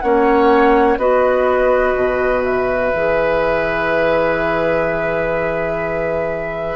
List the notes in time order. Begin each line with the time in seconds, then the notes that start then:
0.00 A#3 C#4 C#5 F#5
0.97 B3 F#4 B4 D#5
1.96 B2
2.44 E5
2.93 E3 G#4